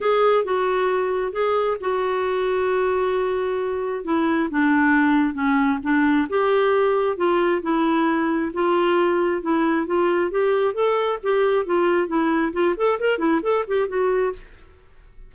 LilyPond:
\new Staff \with { instrumentName = "clarinet" } { \time 4/4 \tempo 4 = 134 gis'4 fis'2 gis'4 | fis'1~ | fis'4 e'4 d'2 | cis'4 d'4 g'2 |
f'4 e'2 f'4~ | f'4 e'4 f'4 g'4 | a'4 g'4 f'4 e'4 | f'8 a'8 ais'8 e'8 a'8 g'8 fis'4 | }